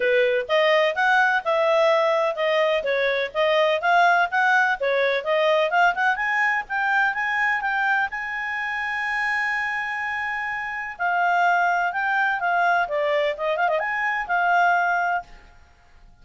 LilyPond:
\new Staff \with { instrumentName = "clarinet" } { \time 4/4 \tempo 4 = 126 b'4 dis''4 fis''4 e''4~ | e''4 dis''4 cis''4 dis''4 | f''4 fis''4 cis''4 dis''4 | f''8 fis''8 gis''4 g''4 gis''4 |
g''4 gis''2.~ | gis''2. f''4~ | f''4 g''4 f''4 d''4 | dis''8 f''16 dis''16 gis''4 f''2 | }